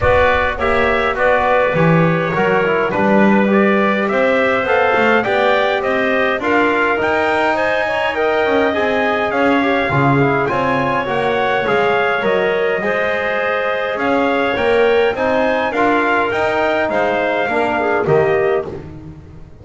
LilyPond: <<
  \new Staff \with { instrumentName = "trumpet" } { \time 4/4 \tempo 4 = 103 d''4 e''4 d''4 cis''4~ | cis''4 b'4 d''4 e''4 | f''4 g''4 dis''4 f''4 | g''4 gis''4 g''4 gis''4 |
f''2 gis''4 fis''4 | f''4 dis''2. | f''4 g''4 gis''4 f''4 | g''4 f''2 dis''4 | }
  \new Staff \with { instrumentName = "clarinet" } { \time 4/4 b'4 cis''4 b'2 | ais'4 b'2 c''4~ | c''4 d''4 c''4 ais'4~ | ais'4 c''8 cis''8 dis''2 |
cis''4 gis'4 cis''2~ | cis''2 c''2 | cis''2 c''4 ais'4~ | ais'4 c''4 ais'8 gis'8 g'4 | }
  \new Staff \with { instrumentName = "trombone" } { \time 4/4 fis'4 g'4 fis'4 g'4 | fis'8 e'8 d'4 g'2 | a'4 g'2 f'4 | dis'2 ais'4 gis'4~ |
gis'8 g'8 f'8 e'8 f'4 fis'4 | gis'4 ais'4 gis'2~ | gis'4 ais'4 dis'4 f'4 | dis'2 d'4 ais4 | }
  \new Staff \with { instrumentName = "double bass" } { \time 4/4 b4 ais4 b4 e4 | fis4 g2 c'4 | b8 a8 b4 c'4 d'4 | dis'2~ dis'8 cis'8 c'4 |
cis'4 cis4 c'4 ais4 | gis4 fis4 gis2 | cis'4 ais4 c'4 d'4 | dis'4 gis4 ais4 dis4 | }
>>